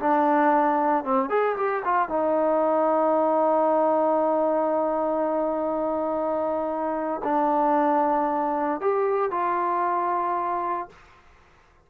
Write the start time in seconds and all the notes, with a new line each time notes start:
0.00 D4
1.05 C4
1.30 G#4
1.57 G4
1.85 F4
2.09 D#4
7.24 D4
8.81 G4
9.31 F4